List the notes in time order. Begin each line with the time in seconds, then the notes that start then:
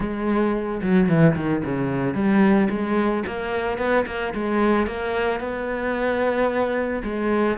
0.00 G#3
0.82 F#3
1.08 E3
1.36 D#3
1.64 C#3
2.14 G3
2.69 G#3
3.26 A#3
3.78 B3
4.06 A#3
4.34 G#3
4.86 A#3
5.40 B3
7.03 G#3